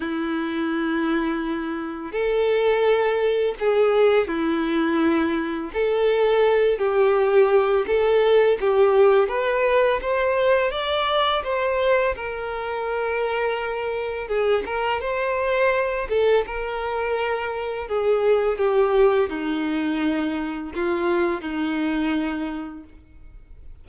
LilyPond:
\new Staff \with { instrumentName = "violin" } { \time 4/4 \tempo 4 = 84 e'2. a'4~ | a'4 gis'4 e'2 | a'4. g'4. a'4 | g'4 b'4 c''4 d''4 |
c''4 ais'2. | gis'8 ais'8 c''4. a'8 ais'4~ | ais'4 gis'4 g'4 dis'4~ | dis'4 f'4 dis'2 | }